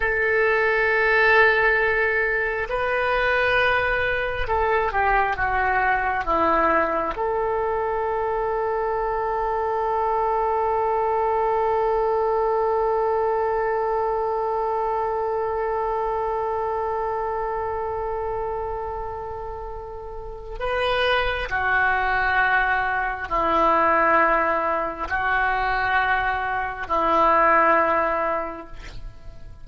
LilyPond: \new Staff \with { instrumentName = "oboe" } { \time 4/4 \tempo 4 = 67 a'2. b'4~ | b'4 a'8 g'8 fis'4 e'4 | a'1~ | a'1~ |
a'1~ | a'2. b'4 | fis'2 e'2 | fis'2 e'2 | }